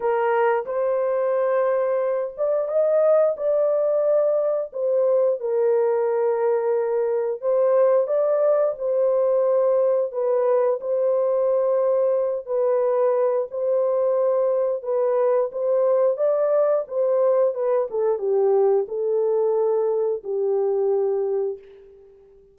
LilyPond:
\new Staff \with { instrumentName = "horn" } { \time 4/4 \tempo 4 = 89 ais'4 c''2~ c''8 d''8 | dis''4 d''2 c''4 | ais'2. c''4 | d''4 c''2 b'4 |
c''2~ c''8 b'4. | c''2 b'4 c''4 | d''4 c''4 b'8 a'8 g'4 | a'2 g'2 | }